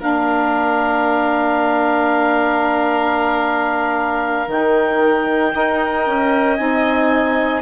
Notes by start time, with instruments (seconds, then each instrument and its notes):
0.00 bassoon A#3, saxophone D4, violin A#4, clarinet F5
4.48 bassoon D#3, saxophone D#4, clarinet G5
5.55 bassoon D#4, saxophone A#4, violin D#5
6.07 bassoon C#4
6.57 bassoon C4, saxophone D#4, clarinet G#5